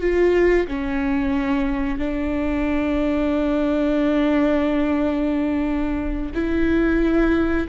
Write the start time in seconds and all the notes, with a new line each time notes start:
0.00 F4
0.67 C#4
1.98 D4
6.34 E4